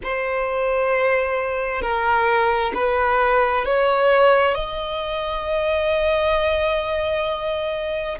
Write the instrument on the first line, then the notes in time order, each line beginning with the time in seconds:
violin
0.03 C5
1.81 A#4
2.74 B4
3.65 C#5
4.55 D#5